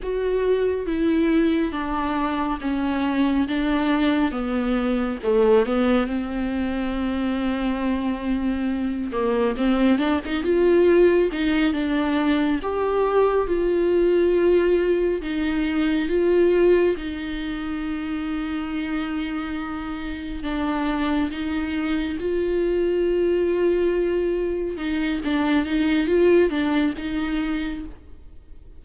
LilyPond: \new Staff \with { instrumentName = "viola" } { \time 4/4 \tempo 4 = 69 fis'4 e'4 d'4 cis'4 | d'4 b4 a8 b8 c'4~ | c'2~ c'8 ais8 c'8 d'16 dis'16 | f'4 dis'8 d'4 g'4 f'8~ |
f'4. dis'4 f'4 dis'8~ | dis'2.~ dis'8 d'8~ | d'8 dis'4 f'2~ f'8~ | f'8 dis'8 d'8 dis'8 f'8 d'8 dis'4 | }